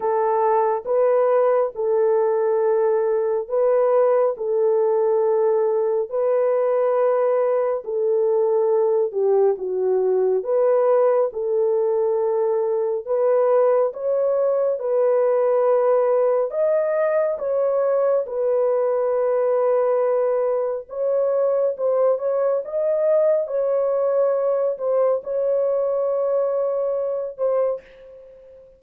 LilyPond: \new Staff \with { instrumentName = "horn" } { \time 4/4 \tempo 4 = 69 a'4 b'4 a'2 | b'4 a'2 b'4~ | b'4 a'4. g'8 fis'4 | b'4 a'2 b'4 |
cis''4 b'2 dis''4 | cis''4 b'2. | cis''4 c''8 cis''8 dis''4 cis''4~ | cis''8 c''8 cis''2~ cis''8 c''8 | }